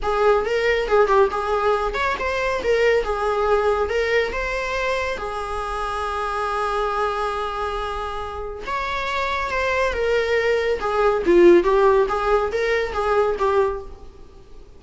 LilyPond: \new Staff \with { instrumentName = "viola" } { \time 4/4 \tempo 4 = 139 gis'4 ais'4 gis'8 g'8 gis'4~ | gis'8 cis''8 c''4 ais'4 gis'4~ | gis'4 ais'4 c''2 | gis'1~ |
gis'1 | cis''2 c''4 ais'4~ | ais'4 gis'4 f'4 g'4 | gis'4 ais'4 gis'4 g'4 | }